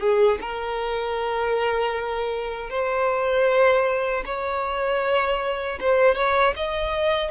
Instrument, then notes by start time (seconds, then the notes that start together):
violin
0.00 G#4
0.41 A#4
2.70 C5
4.25 C#5
5.80 C5
6.15 C#5
6.56 D#5